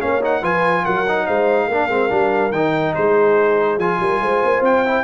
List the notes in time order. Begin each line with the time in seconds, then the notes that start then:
0.00 A#3 C#4 C#5 F5
0.22 D#4 F#5
0.42 F3 F4 B4 G#5
0.84 F#3 A#4 F#5
1.08 D#4
1.27 G#3 C5 F5
1.68 A#3 D4 A#4
1.89 G#3 C4
2.09 G3 D4
2.51 D#3 D#4 G5
2.95 G#3 G#4 C5
3.78 F3 F4 G#5
4.00 G3 A#4
4.22 G#3 C5
4.45 A#3
4.61 C4 G5
4.86 E4